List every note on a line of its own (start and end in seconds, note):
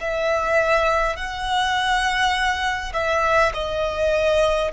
0.00 1.16 E5
1.16 2.93 F#5
2.93 3.52 E5
3.53 4.71 D#5